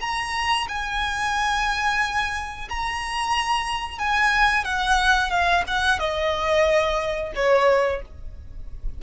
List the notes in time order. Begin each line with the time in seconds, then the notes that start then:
0.00 A#5
0.68 G#5
2.69 A#5
3.98 G#5
4.64 F#5
5.30 F5
5.67 F#5
5.99 D#5
7.35 C#5